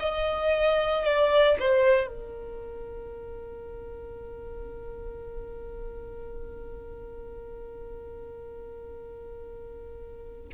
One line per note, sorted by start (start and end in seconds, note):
0.00 1.05 D#5
1.05 1.57 D5
1.60 2.07 C5
2.07 10.49 A#4